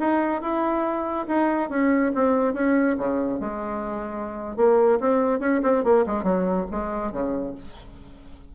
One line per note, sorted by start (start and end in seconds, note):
0.00 0.42 D#4
0.42 1.27 E4
1.28 1.70 D#4
1.70 2.13 C#4
2.15 2.54 C4
2.54 2.97 C#4
2.98 3.40 C#3
3.40 4.57 G#3
4.57 5.00 A#3
5.00 5.40 C4
5.40 5.62 C#4
5.63 5.84 C4
5.84 6.06 A#3
6.07 6.24 G#3
6.24 6.66 F#3
6.71 7.12 G#3
7.12 7.55 C#3